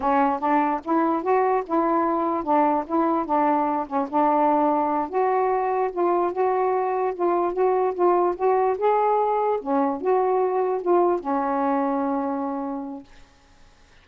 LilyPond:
\new Staff \with { instrumentName = "saxophone" } { \time 4/4 \tempo 4 = 147 cis'4 d'4 e'4 fis'4 | e'2 d'4 e'4 | d'4. cis'8 d'2~ | d'8 fis'2 f'4 fis'8~ |
fis'4. f'4 fis'4 f'8~ | f'8 fis'4 gis'2 cis'8~ | cis'8 fis'2 f'4 cis'8~ | cis'1 | }